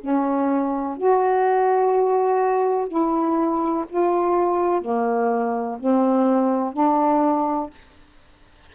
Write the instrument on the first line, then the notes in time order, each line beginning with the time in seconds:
saxophone
0.00 C#4
0.97 F#4
2.88 E4
3.89 F4
4.81 A#3
5.79 C4
6.73 D4